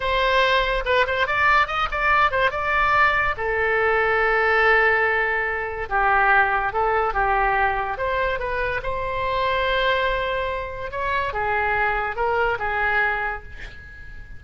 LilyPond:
\new Staff \with { instrumentName = "oboe" } { \time 4/4 \tempo 4 = 143 c''2 b'8 c''8 d''4 | dis''8 d''4 c''8 d''2 | a'1~ | a'2 g'2 |
a'4 g'2 c''4 | b'4 c''2.~ | c''2 cis''4 gis'4~ | gis'4 ais'4 gis'2 | }